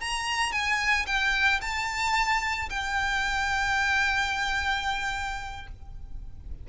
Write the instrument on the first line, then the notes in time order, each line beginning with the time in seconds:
violin
0.00 A#5
0.52 G#5
1.06 G5
1.61 A5
2.70 G5